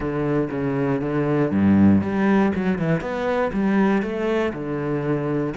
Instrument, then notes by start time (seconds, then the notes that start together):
cello
0.00 D3
0.50 C#3
1.01 D3
1.51 G2
2.01 G3
2.55 F#3
2.78 E3
3.00 B3
3.52 G3
4.02 A3
4.53 D3